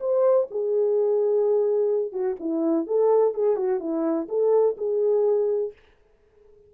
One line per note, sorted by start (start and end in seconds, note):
0.00 0.48 C5
0.51 2.13 G#4
2.13 2.36 F#4
2.40 2.87 E4
2.87 3.35 A4
3.35 3.56 G#4
3.56 3.80 F#4
3.80 4.27 E4
4.29 4.76 A4
4.77 5.73 G#4